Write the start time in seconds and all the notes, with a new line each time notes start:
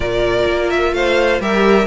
0.00 A#2 F4 A#4 D5
0.46 A#3
0.70 E5
0.93 A3 C5 F5
1.40 G3 G4 A#4 E5